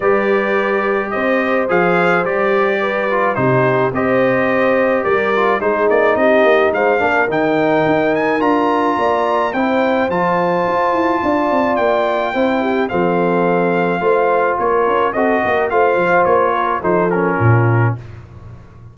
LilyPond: <<
  \new Staff \with { instrumentName = "trumpet" } { \time 4/4 \tempo 4 = 107 d''2 dis''4 f''4 | d''2 c''4 dis''4~ | dis''4 d''4 c''8 d''8 dis''4 | f''4 g''4. gis''8 ais''4~ |
ais''4 g''4 a''2~ | a''4 g''2 f''4~ | f''2 cis''4 dis''4 | f''4 cis''4 c''8 ais'4. | }
  \new Staff \with { instrumentName = "horn" } { \time 4/4 b'2 c''2~ | c''4 b'4 g'4 c''4~ | c''4 ais'4 gis'4 g'4 | c''8 ais'2.~ ais'8 |
d''4 c''2. | d''2 c''8 g'8 a'4~ | a'4 c''4 ais'4 a'8 ais'8 | c''4. ais'8 a'4 f'4 | }
  \new Staff \with { instrumentName = "trombone" } { \time 4/4 g'2. gis'4 | g'4. f'8 dis'4 g'4~ | g'4. f'8 dis'2~ | dis'8 d'8 dis'2 f'4~ |
f'4 e'4 f'2~ | f'2 e'4 c'4~ | c'4 f'2 fis'4 | f'2 dis'8 cis'4. | }
  \new Staff \with { instrumentName = "tuba" } { \time 4/4 g2 c'4 f4 | g2 c4 c'4~ | c'4 g4 gis8 ais8 c'8 ais8 | gis8 ais8 dis4 dis'4 d'4 |
ais4 c'4 f4 f'8 e'8 | d'8 c'8 ais4 c'4 f4~ | f4 a4 ais8 cis'8 c'8 ais8 | a8 f8 ais4 f4 ais,4 | }
>>